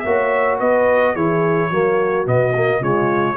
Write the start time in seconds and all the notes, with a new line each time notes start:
0.00 A#3 F#4 C#5 E5
0.59 B3 B4 D#5
1.14 E3 E4 G#4 C#5
1.70 F#3 A#3 F#4
2.25 B2 B3 D#5
2.55 A#3
2.80 C#3 G#3 F4 C#5